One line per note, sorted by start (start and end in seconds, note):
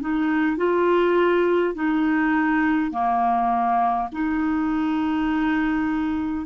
0.00 0.57 D#4
0.57 1.74 F4
1.74 2.91 D#4
2.91 4.09 A#3
4.12 6.46 D#4